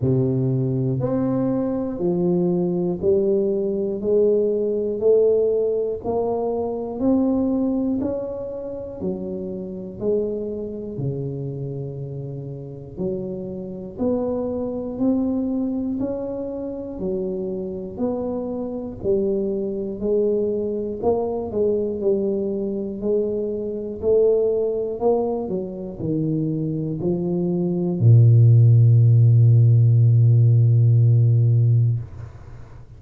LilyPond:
\new Staff \with { instrumentName = "tuba" } { \time 4/4 \tempo 4 = 60 c4 c'4 f4 g4 | gis4 a4 ais4 c'4 | cis'4 fis4 gis4 cis4~ | cis4 fis4 b4 c'4 |
cis'4 fis4 b4 g4 | gis4 ais8 gis8 g4 gis4 | a4 ais8 fis8 dis4 f4 | ais,1 | }